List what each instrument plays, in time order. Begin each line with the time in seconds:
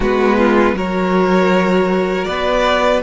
0.00 cello G#3, viola B3, violin F#4 B4
0.37 violin F4
0.73 cello F#3, viola F#4, violin A#4 C#5
2.24 cello B3, violin B4 D5